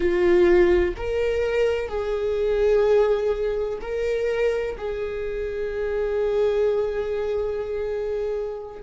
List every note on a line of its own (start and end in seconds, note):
0.00 0.94 F4
0.97 1.88 A#4
1.88 3.78 G#4
3.81 4.76 A#4
4.77 8.82 G#4